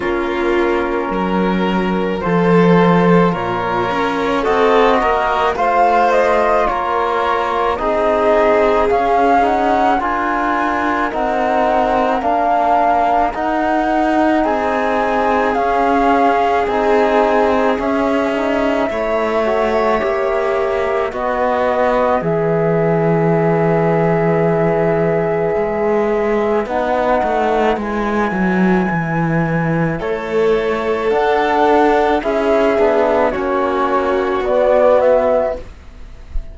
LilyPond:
<<
  \new Staff \with { instrumentName = "flute" } { \time 4/4 \tempo 4 = 54 ais'2 c''4 cis''4 | dis''4 f''8 dis''8 cis''4 dis''4 | f''8 fis''8 gis''4 fis''4 f''4 | fis''4 gis''4 f''4 gis''4 |
e''2. dis''4 | e''1 | fis''4 gis''2 cis''4 | fis''4 e''4 cis''4 d''8 e''8 | }
  \new Staff \with { instrumentName = "violin" } { \time 4/4 f'4 ais'4 a'4 ais'4 | a'8 ais'8 c''4 ais'4 gis'4~ | gis'4 ais'2.~ | ais'4 gis'2.~ |
gis'4 cis''2 b'4~ | b'1~ | b'2. a'4~ | a'4 gis'4 fis'2 | }
  \new Staff \with { instrumentName = "trombone" } { \time 4/4 cis'2 f'2 | fis'4 f'2 dis'4 | cis'8 dis'8 f'4 dis'4 d'4 | dis'2 cis'4 dis'4 |
cis'8 dis'8 e'8 fis'8 g'4 fis'4 | gis'1 | dis'4 e'2. | d'4 e'8 d'8 cis'4 b4 | }
  \new Staff \with { instrumentName = "cello" } { \time 4/4 ais4 fis4 f4 ais,8 cis'8 | c'8 ais8 a4 ais4 c'4 | cis'4 d'4 c'4 ais4 | dis'4 c'4 cis'4 c'4 |
cis'4 a4 ais4 b4 | e2. gis4 | b8 a8 gis8 fis8 e4 a4 | d'4 cis'8 b8 ais4 b4 | }
>>